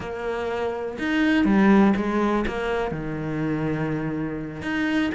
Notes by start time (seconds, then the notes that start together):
0.00 A#3
0.98 D#4
1.44 G3
1.96 G#3
2.47 A#3
2.91 D#3
4.62 D#4